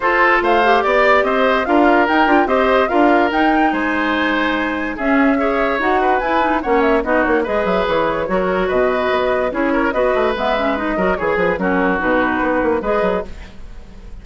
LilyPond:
<<
  \new Staff \with { instrumentName = "flute" } { \time 4/4 \tempo 4 = 145 c''4 f''4 d''4 dis''4 | f''4 g''4 dis''4 f''4 | g''4 gis''2. | e''2 fis''4 gis''4 |
fis''8 e''8 dis''8 cis''8 dis''8 e''8 cis''4~ | cis''4 dis''2 cis''4 | dis''4 e''4 dis''4 cis''8 b'8 | ais'4 b'2 dis''4 | }
  \new Staff \with { instrumentName = "oboe" } { \time 4/4 a'4 c''4 d''4 c''4 | ais'2 c''4 ais'4~ | ais'4 c''2. | gis'4 cis''4. b'4. |
cis''4 fis'4 b'2 | ais'4 b'2 gis'8 ais'8 | b'2~ b'8 ais'8 gis'4 | fis'2. b'4 | }
  \new Staff \with { instrumentName = "clarinet" } { \time 4/4 f'4. g'2~ g'8 | f'4 dis'8 f'8 g'4 f'4 | dis'1 | cis'4 gis'4 fis'4 e'8 dis'8 |
cis'4 dis'4 gis'2 | fis'2. e'4 | fis'4 b8 cis'8 dis'8 fis'8 gis'4 | cis'4 dis'2 gis'4 | }
  \new Staff \with { instrumentName = "bassoon" } { \time 4/4 f'4 a4 b4 c'4 | d'4 dis'8 d'8 c'4 d'4 | dis'4 gis2. | cis'2 dis'4 e'4 |
ais4 b8 ais8 gis8 fis8 e4 | fis4 b,4 b4 cis'4 | b8 a8 gis4. fis8 e8 f8 | fis4 b,4 b8 ais8 gis8 fis8 | }
>>